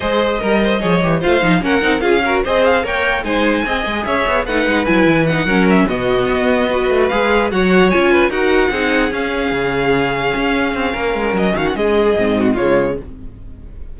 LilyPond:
<<
  \new Staff \with { instrumentName = "violin" } { \time 4/4 \tempo 4 = 148 dis''2. f''4 | fis''4 f''4 dis''8 f''8 g''4 | gis''2 e''4 fis''4 | gis''4 fis''4 e''8 dis''4.~ |
dis''4. f''4 fis''4 gis''8~ | gis''8 fis''2 f''4.~ | f''1 | dis''8 f''16 fis''16 dis''2 cis''4 | }
  \new Staff \with { instrumentName = "violin" } { \time 4/4 c''4 ais'8 c''8 cis''4 c''4 | ais'4 gis'8 ais'8 c''4 cis''4 | c''4 dis''4 cis''4 b'4~ | b'4. ais'4 fis'4.~ |
fis'8 b'2 cis''4. | b'8 ais'4 gis'2~ gis'8~ | gis'2. ais'4~ | ais'8 fis'8 gis'4. fis'8 f'4 | }
  \new Staff \with { instrumentName = "viola" } { \time 4/4 gis'4 ais'4 gis'8 g'8 f'8 dis'8 | cis'8 dis'8 f'8 fis'8 gis'4 ais'4 | dis'4 gis'2 dis'4 | e'4 dis'8 cis'4 b4.~ |
b8 fis'4 gis'4 fis'4 f'8~ | f'8 fis'4 dis'4 cis'4.~ | cis'1~ | cis'2 c'4 gis4 | }
  \new Staff \with { instrumentName = "cello" } { \time 4/4 gis4 g4 f8 e8 a8 f8 | ais8 c'8 cis'4 c'4 ais4 | gis4 c'8 gis8 cis'8 b8 a8 gis8 | fis8 e4 fis4 b,4 b8~ |
b4 a8 gis4 fis4 cis'8~ | cis'8 dis'4 c'4 cis'4 cis8~ | cis4. cis'4 c'8 ais8 gis8 | fis8 dis8 gis4 gis,4 cis4 | }
>>